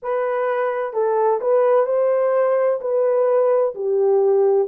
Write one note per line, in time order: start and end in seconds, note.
0.02 0.93 B4
0.93 1.40 A4
1.41 1.86 B4
1.86 2.80 C5
2.80 3.74 B4
3.75 4.68 G4